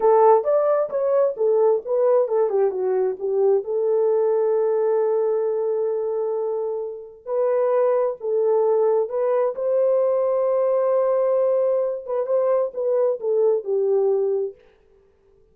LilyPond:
\new Staff \with { instrumentName = "horn" } { \time 4/4 \tempo 4 = 132 a'4 d''4 cis''4 a'4 | b'4 a'8 g'8 fis'4 g'4 | a'1~ | a'1 |
b'2 a'2 | b'4 c''2.~ | c''2~ c''8 b'8 c''4 | b'4 a'4 g'2 | }